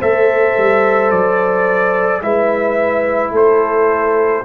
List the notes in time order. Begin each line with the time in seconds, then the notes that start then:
0.00 A3 A4 C5 E5
0.57 G3
1.11 F#3 D5
2.22 G#3 E4 B4 E5
3.32 A3 A4 C5